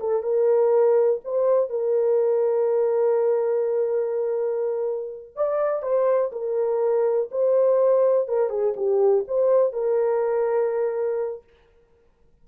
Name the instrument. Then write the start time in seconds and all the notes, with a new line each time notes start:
horn
0.00 A4
0.22 A#4
1.24 C5
1.70 A#4
5.35 D5
5.82 C5
6.32 A#4
7.31 C5
8.28 A#4
8.49 G#4
8.76 G4
9.28 C5
9.73 A#4